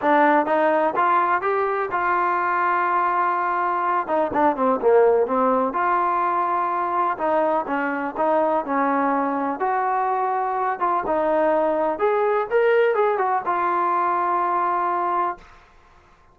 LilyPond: \new Staff \with { instrumentName = "trombone" } { \time 4/4 \tempo 4 = 125 d'4 dis'4 f'4 g'4 | f'1~ | f'8 dis'8 d'8 c'8 ais4 c'4 | f'2. dis'4 |
cis'4 dis'4 cis'2 | fis'2~ fis'8 f'8 dis'4~ | dis'4 gis'4 ais'4 gis'8 fis'8 | f'1 | }